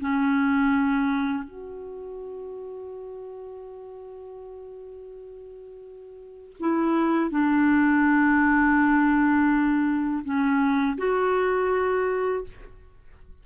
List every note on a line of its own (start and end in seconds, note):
0.00 1.44 C#4
1.44 6.56 F#4
6.59 7.30 E4
7.30 10.23 D4
10.24 10.97 C#4
10.98 12.44 F#4